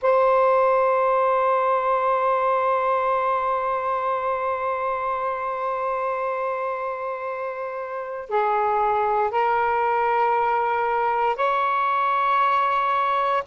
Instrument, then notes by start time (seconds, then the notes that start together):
saxophone
0.02 C5
8.29 G#4
9.31 A#4
11.36 C#5